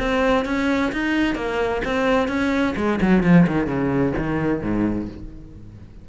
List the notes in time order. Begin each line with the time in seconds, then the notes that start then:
0.00 C4
0.46 C#4
0.93 D#4
1.36 A#3
1.85 C4
2.29 C#4
2.77 G#3
3.02 F#3
3.23 F3
3.48 D#3
3.67 C#3
4.18 D#3
4.62 G#2